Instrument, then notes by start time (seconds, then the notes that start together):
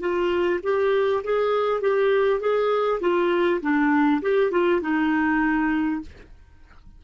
clarinet
0.00 F4
0.63 G4
1.24 G#4
1.82 G4
2.41 G#4
3.01 F4
3.62 D4
4.22 G4
4.52 F4
4.82 D#4